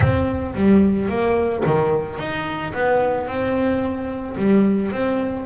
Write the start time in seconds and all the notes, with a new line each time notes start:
0.00 C4
0.54 G3
1.09 A#3
1.65 D#3
2.18 D#4
2.73 B3
3.27 C4
4.37 G3
4.91 C4